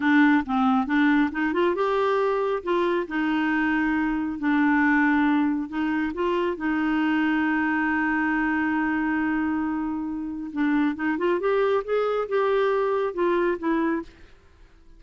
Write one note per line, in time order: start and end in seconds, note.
0.00 0.44 D4
0.45 0.86 C4
0.86 1.30 D4
1.31 1.53 D#4
1.53 1.75 F4
1.75 2.62 G4
2.63 3.07 F4
3.07 4.38 D#4
4.38 5.68 D4
5.68 6.12 D#4
6.14 6.56 F4
6.56 10.50 D#4
10.52 10.95 D4
10.95 11.17 D#4
11.18 11.39 F4
11.39 11.83 G4
11.84 12.28 G#4
12.28 13.13 G4
13.13 13.57 F4
13.58 14.02 E4